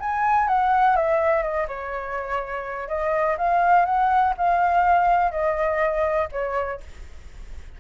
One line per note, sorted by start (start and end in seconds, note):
0.00 0.48 G#5
0.48 0.96 F#5
0.96 1.43 E5
1.43 1.67 D#5
1.68 2.88 C#5
2.88 3.37 D#5
3.38 3.85 F5
3.85 4.34 F#5
4.38 5.32 F5
5.32 6.28 D#5
6.32 6.80 C#5